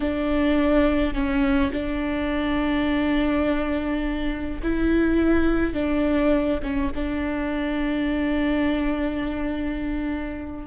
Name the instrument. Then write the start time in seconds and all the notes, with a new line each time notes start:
viola
0.00 D4
1.14 C#4
1.72 D4
4.62 E4
5.73 D4
6.62 C#4
6.94 D4